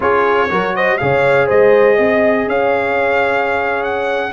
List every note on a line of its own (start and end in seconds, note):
0.00 0.49 C#4
0.00 0.49 F4
0.00 0.50 G#4
0.00 0.75 C#5
0.50 1.00 F#3
0.50 0.99 F#4
0.50 0.75 A#4
0.75 1.00 C5
0.75 0.97 D#5
0.97 1.50 C#3
0.97 4.32 G#4
0.97 1.46 C#5
0.97 1.47 F5
1.46 1.98 G#3
1.46 1.96 C5
1.46 2.48 D#5
1.96 2.46 C4
1.96 2.45 D#5
2.46 4.32 C#4
2.46 4.32 C#5
2.46 3.83 F5
3.83 4.32 F#5